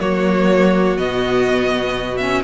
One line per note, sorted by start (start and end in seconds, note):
0.00 0.98 F#3
0.00 0.98 A#3
0.00 2.44 F#4
0.00 0.97 C#5
0.97 2.44 B2
0.97 2.20 B3
0.97 2.17 D#5
2.17 2.44 C#4
2.17 2.42 E5